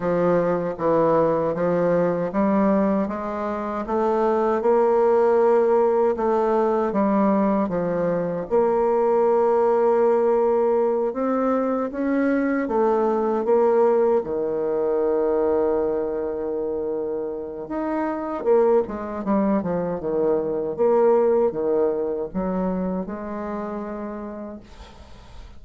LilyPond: \new Staff \with { instrumentName = "bassoon" } { \time 4/4 \tempo 4 = 78 f4 e4 f4 g4 | gis4 a4 ais2 | a4 g4 f4 ais4~ | ais2~ ais8 c'4 cis'8~ |
cis'8 a4 ais4 dis4.~ | dis2. dis'4 | ais8 gis8 g8 f8 dis4 ais4 | dis4 fis4 gis2 | }